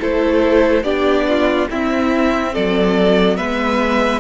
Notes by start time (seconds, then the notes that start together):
0.00 A3 E4 A4 C5
0.83 B3 D4 G4 D5
1.29 F4
1.70 C4 E4 E5
2.53 F#3 A4 D5
3.37 G#3 B3 B4 E5